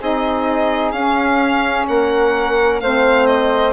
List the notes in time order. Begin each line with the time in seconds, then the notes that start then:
0.00 C4 D#4 G#4 D#5
0.92 C#4 F5
1.88 A#3 A#4 F#5
2.81 A3 C4 C5 F5
3.26 D#5